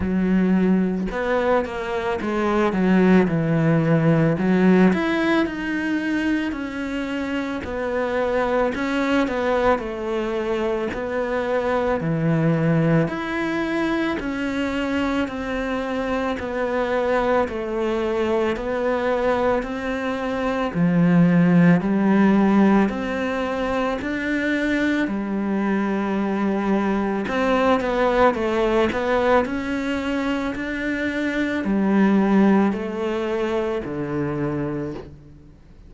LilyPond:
\new Staff \with { instrumentName = "cello" } { \time 4/4 \tempo 4 = 55 fis4 b8 ais8 gis8 fis8 e4 | fis8 e'8 dis'4 cis'4 b4 | cis'8 b8 a4 b4 e4 | e'4 cis'4 c'4 b4 |
a4 b4 c'4 f4 | g4 c'4 d'4 g4~ | g4 c'8 b8 a8 b8 cis'4 | d'4 g4 a4 d4 | }